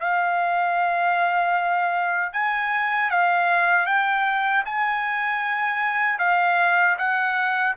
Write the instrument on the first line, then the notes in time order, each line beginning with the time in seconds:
trumpet
0.00 F5
2.33 G#5
3.10 F5
3.86 G5
4.65 G#5
6.19 F5
6.98 F#5